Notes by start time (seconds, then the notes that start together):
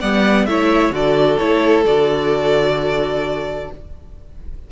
0.00 G3 B3 D5 F#5
0.45 A3 E4 C#5 E5
0.91 D3 F#4 A4 D5
1.38 A3 E4 C#5
1.84 D3 F#4 D5